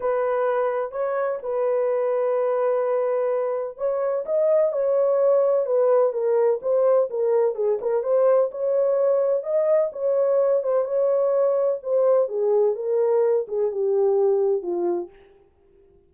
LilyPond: \new Staff \with { instrumentName = "horn" } { \time 4/4 \tempo 4 = 127 b'2 cis''4 b'4~ | b'1 | cis''4 dis''4 cis''2 | b'4 ais'4 c''4 ais'4 |
gis'8 ais'8 c''4 cis''2 | dis''4 cis''4. c''8 cis''4~ | cis''4 c''4 gis'4 ais'4~ | ais'8 gis'8 g'2 f'4 | }